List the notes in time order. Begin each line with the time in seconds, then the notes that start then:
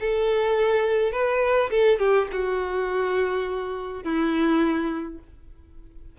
0.00 A4
1.12 B4
1.70 A4
1.99 G4
2.32 F#4
4.03 E4